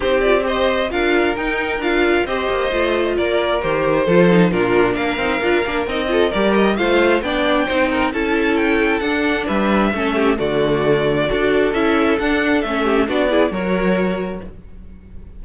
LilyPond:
<<
  \new Staff \with { instrumentName = "violin" } { \time 4/4 \tempo 4 = 133 c''8 d''8 dis''4 f''4 g''4 | f''4 dis''2 d''4 | c''2 ais'4 f''4~ | f''4 dis''4 d''8 dis''8 f''4 |
g''2 a''4 g''4 | fis''4 e''2 d''4~ | d''2 e''4 fis''4 | e''4 d''4 cis''2 | }
  \new Staff \with { instrumentName = "violin" } { \time 4/4 g'4 c''4 ais'2~ | ais'4 c''2 ais'4~ | ais'4 a'4 f'4 ais'4~ | ais'4. a'8 ais'4 c''4 |
d''4 c''8 ais'8 a'2~ | a'4 b'4 a'8 g'8 fis'4~ | fis'4 a'2.~ | a'8 g'8 fis'8 gis'8 ais'2 | }
  \new Staff \with { instrumentName = "viola" } { \time 4/4 dis'8 f'8 g'4 f'4 dis'4 | f'4 g'4 f'2 | g'4 f'8 dis'8 d'4. dis'8 | f'8 d'8 dis'8 f'8 g'4 f'4 |
d'4 dis'4 e'2 | d'2 cis'4 a4~ | a4 fis'4 e'4 d'4 | cis'4 d'8 e'8 fis'2 | }
  \new Staff \with { instrumentName = "cello" } { \time 4/4 c'2 d'4 dis'4 | d'4 c'8 ais8 a4 ais4 | dis4 f4 ais,4 ais8 c'8 | d'8 ais8 c'4 g4 a4 |
b4 c'4 cis'2 | d'4 g4 a4 d4~ | d4 d'4 cis'4 d'4 | a4 b4 fis2 | }
>>